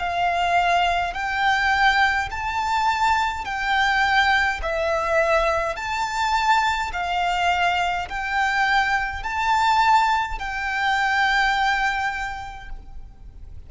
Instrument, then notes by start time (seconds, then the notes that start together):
violin
0.00 F5
1.14 G5
2.31 A5
3.46 G5
4.63 E5
5.76 A5
6.93 F5
8.09 G5
9.24 A5
10.40 G5